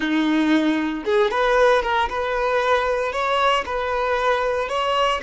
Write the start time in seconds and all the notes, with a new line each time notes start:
0.00 D#4
1.04 G#4
1.30 B4
1.82 A#4
2.09 B4
3.12 C#5
3.65 B4
4.68 C#5